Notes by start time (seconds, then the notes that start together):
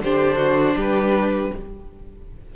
0.00 D3 D4 G4 C5
0.38 F#4
0.76 G3 G4 B4